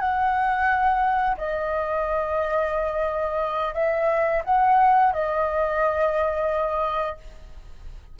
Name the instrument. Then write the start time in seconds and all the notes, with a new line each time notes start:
flute
0.00 F#5
1.38 D#5
3.75 E5
4.45 F#5
5.13 D#5